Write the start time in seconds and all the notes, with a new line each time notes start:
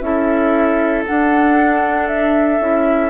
0.00 C#4 E4 A4 E5
1.06 D4 F#5
2.08 E5
2.59 C#4 E4